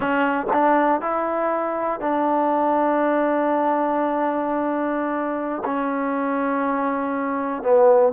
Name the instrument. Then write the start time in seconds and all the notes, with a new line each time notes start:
trombone
0.00 C#4
0.53 D4
1.01 E4
2.00 D4
5.64 C#4
7.62 B3